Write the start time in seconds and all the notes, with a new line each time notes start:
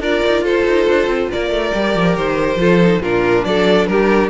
0.00 D4 F4 A#4 D5
0.27 D#4
0.42 F4 A4 C5
0.66 D#4
0.88 D4
1.07 C4
1.32 A#3 A#4 D5
1.50 A3
1.73 G3 G4
1.95 F3
2.16 D#3 C5
2.56 F3 F4 A4
2.81 D#4
3.01 A#2 D4 F4 A#4
3.44 F#3 A4 D5
3.86 G3 G4 A#4